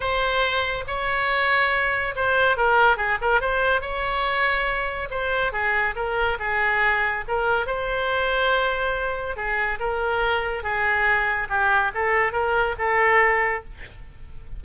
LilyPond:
\new Staff \with { instrumentName = "oboe" } { \time 4/4 \tempo 4 = 141 c''2 cis''2~ | cis''4 c''4 ais'4 gis'8 ais'8 | c''4 cis''2. | c''4 gis'4 ais'4 gis'4~ |
gis'4 ais'4 c''2~ | c''2 gis'4 ais'4~ | ais'4 gis'2 g'4 | a'4 ais'4 a'2 | }